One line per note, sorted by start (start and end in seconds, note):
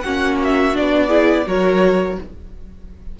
0.00 0.75 A#3
0.00 0.73 C#4
0.00 1.07 F#4
0.00 0.36 F#5
0.44 0.76 E5
0.73 1.46 B3
0.73 1.08 D4
0.73 1.48 D5
1.07 1.44 E4
1.07 1.42 G#4
1.46 2.17 F#3
1.46 2.17 F#4
1.46 2.18 A#4
1.46 2.19 C#5